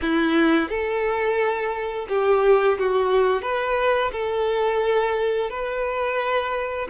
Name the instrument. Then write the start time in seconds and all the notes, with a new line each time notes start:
violin
0.01 E4
0.68 A4
2.08 G4
2.78 F#4
3.42 B4
4.12 A4
5.50 B4